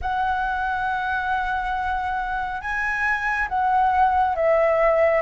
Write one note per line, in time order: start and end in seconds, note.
0.01 2.61 F#5
2.61 3.48 G#5
3.48 4.35 F#5
4.35 5.21 E5